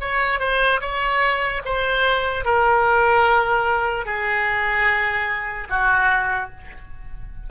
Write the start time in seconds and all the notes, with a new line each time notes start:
0.00 C#5
0.39 C5
0.81 C#5
1.65 C5
2.44 A#4
4.05 G#4
5.69 F#4